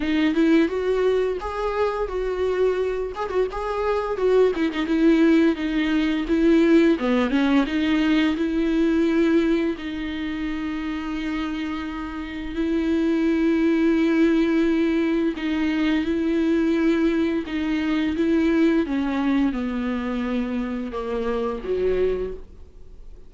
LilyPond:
\new Staff \with { instrumentName = "viola" } { \time 4/4 \tempo 4 = 86 dis'8 e'8 fis'4 gis'4 fis'4~ | fis'8 gis'16 fis'16 gis'4 fis'8 e'16 dis'16 e'4 | dis'4 e'4 b8 cis'8 dis'4 | e'2 dis'2~ |
dis'2 e'2~ | e'2 dis'4 e'4~ | e'4 dis'4 e'4 cis'4 | b2 ais4 fis4 | }